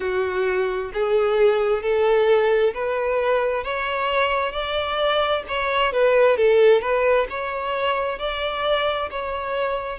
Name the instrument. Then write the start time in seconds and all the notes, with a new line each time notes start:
violin
0.00 F#4
0.93 G#4
1.82 A4
2.74 B4
3.64 C#5
4.52 D5
5.48 C#5
5.92 B4
6.36 A4
6.81 B4
7.29 C#5
8.18 D5
9.10 C#5